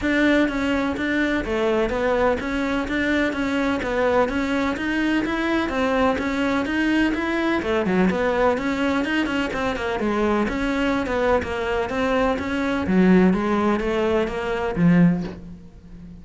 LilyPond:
\new Staff \with { instrumentName = "cello" } { \time 4/4 \tempo 4 = 126 d'4 cis'4 d'4 a4 | b4 cis'4 d'4 cis'4 | b4 cis'4 dis'4 e'4 | c'4 cis'4 dis'4 e'4 |
a8 fis8 b4 cis'4 dis'8 cis'8 | c'8 ais8 gis4 cis'4~ cis'16 b8. | ais4 c'4 cis'4 fis4 | gis4 a4 ais4 f4 | }